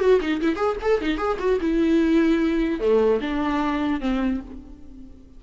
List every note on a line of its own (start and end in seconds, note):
0.00 0.20 F#4
0.21 0.41 D#4
0.41 0.56 E4
0.56 0.76 G#4
0.82 1.01 A4
1.01 1.17 D#4
1.17 1.37 G#4
1.39 1.59 F#4
1.61 2.80 E4
2.80 3.20 A3
3.21 4.01 D4
4.01 4.41 C4